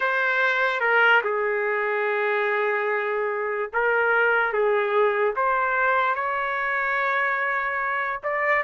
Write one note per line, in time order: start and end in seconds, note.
0.00 0.80 C5
0.80 1.21 A#4
1.24 3.70 G#4
3.73 4.52 A#4
4.52 5.34 G#4
5.36 6.15 C5
6.15 8.20 C#5
8.23 8.63 D5